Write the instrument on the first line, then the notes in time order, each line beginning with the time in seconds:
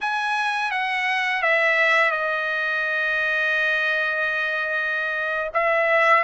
trumpet
0.00 G#5
0.71 F#5
1.42 E5
2.11 D#5
5.53 E5